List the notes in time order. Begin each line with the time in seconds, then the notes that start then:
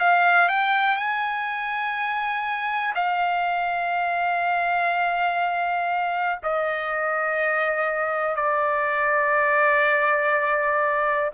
0.00 F5
0.49 G5
0.97 G#5
2.96 F5
6.43 D#5
8.36 D5